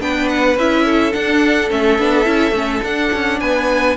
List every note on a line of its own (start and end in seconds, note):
0.00 0.56 B3
0.00 0.57 D4
0.00 0.85 B4
0.00 0.29 G5
0.29 0.57 F#5
0.56 1.13 C#4
0.56 1.13 E4
0.56 1.13 E5
0.85 3.40 A4
1.13 1.70 D4
1.13 1.71 D4
1.13 1.70 F#5
1.71 1.98 A3
1.71 1.99 C#4
1.71 2.84 E5
1.98 2.26 B3
1.98 2.25 D4
2.25 2.52 C#4
2.25 2.53 E4
2.52 2.80 A3
2.52 2.82 C#4
2.83 3.12 D4
2.83 3.97 D4
2.83 3.40 F#5
3.13 3.41 C#4
3.40 3.97 B3
3.40 3.97 B4
3.40 3.97 G#5